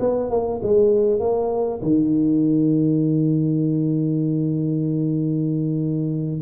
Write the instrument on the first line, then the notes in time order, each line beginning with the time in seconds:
tuba
0.00 B3
0.30 A#3
0.63 G#3
1.20 A#3
1.82 D#3